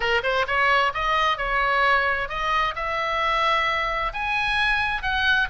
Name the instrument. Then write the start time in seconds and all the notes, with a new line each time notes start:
oboe
0.00 A#4
0.23 C5
0.47 C#5
0.93 D#5
1.37 C#5
2.28 D#5
2.75 E5
4.13 G#5
5.02 F#5